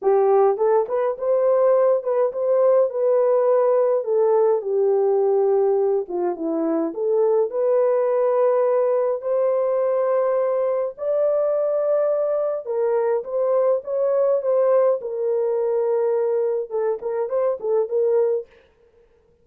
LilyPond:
\new Staff \with { instrumentName = "horn" } { \time 4/4 \tempo 4 = 104 g'4 a'8 b'8 c''4. b'8 | c''4 b'2 a'4 | g'2~ g'8 f'8 e'4 | a'4 b'2. |
c''2. d''4~ | d''2 ais'4 c''4 | cis''4 c''4 ais'2~ | ais'4 a'8 ais'8 c''8 a'8 ais'4 | }